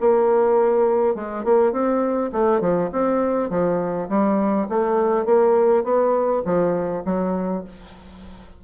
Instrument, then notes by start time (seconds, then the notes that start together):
bassoon
0.00 A#3
1.14 G#3
1.44 A#3
1.72 C4
2.32 A3
2.60 F3
2.92 C4
3.49 F3
4.09 G3
4.69 A3
5.25 A#3
5.84 B3
6.45 F3
7.05 F#3